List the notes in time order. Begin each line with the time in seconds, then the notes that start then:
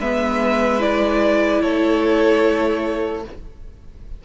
0.00 G#3 B3 B4 E5
0.80 E4 D5
1.62 A3 A4 C#5